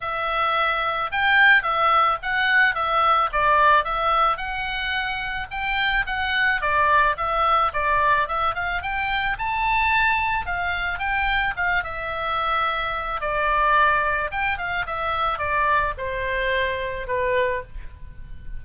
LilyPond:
\new Staff \with { instrumentName = "oboe" } { \time 4/4 \tempo 4 = 109 e''2 g''4 e''4 | fis''4 e''4 d''4 e''4 | fis''2 g''4 fis''4 | d''4 e''4 d''4 e''8 f''8 |
g''4 a''2 f''4 | g''4 f''8 e''2~ e''8 | d''2 g''8 f''8 e''4 | d''4 c''2 b'4 | }